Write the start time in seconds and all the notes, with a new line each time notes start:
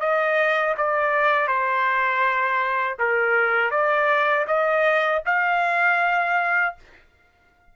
0.00 D#5
0.77 D5
1.48 C5
2.99 A#4
3.71 D5
4.47 D#5
5.25 F5